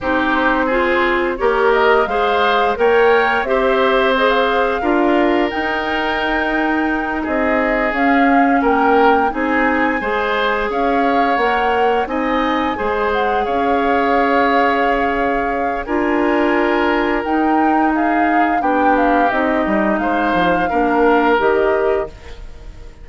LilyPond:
<<
  \new Staff \with { instrumentName = "flute" } { \time 4/4 \tempo 4 = 87 c''2 cis''8 dis''8 f''4 | g''4 e''4 dis''16 f''4.~ f''16 | g''2~ g''8 dis''4 f''8~ | f''8 g''4 gis''2 f''8~ |
f''8 fis''4 gis''4. fis''8 f''8~ | f''2. gis''4~ | gis''4 g''4 f''4 g''8 f''8 | dis''4 f''2 dis''4 | }
  \new Staff \with { instrumentName = "oboe" } { \time 4/4 g'4 gis'4 ais'4 c''4 | cis''4 c''2 ais'4~ | ais'2~ ais'8 gis'4.~ | gis'8 ais'4 gis'4 c''4 cis''8~ |
cis''4. dis''4 c''4 cis''8~ | cis''2. ais'4~ | ais'2 gis'4 g'4~ | g'4 c''4 ais'2 | }
  \new Staff \with { instrumentName = "clarinet" } { \time 4/4 dis'4 f'4 g'4 gis'4 | ais'4 g'4 gis'4 f'4 | dis'2.~ dis'8 cis'8~ | cis'4. dis'4 gis'4.~ |
gis'8 ais'4 dis'4 gis'4.~ | gis'2. f'4~ | f'4 dis'2 d'4 | dis'2 d'4 g'4 | }
  \new Staff \with { instrumentName = "bassoon" } { \time 4/4 c'2 ais4 gis4 | ais4 c'2 d'4 | dis'2~ dis'8 c'4 cis'8~ | cis'8 ais4 c'4 gis4 cis'8~ |
cis'8 ais4 c'4 gis4 cis'8~ | cis'2. d'4~ | d'4 dis'2 b4 | c'8 g8 gis8 f8 ais4 dis4 | }
>>